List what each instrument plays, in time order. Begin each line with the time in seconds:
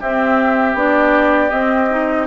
0.00 bassoon C4, clarinet C4, oboe G4, flute E5
0.74 bassoon B3, clarinet D4, flute D5
1.50 clarinet C4, bassoon C4, flute D#5
1.90 clarinet D#4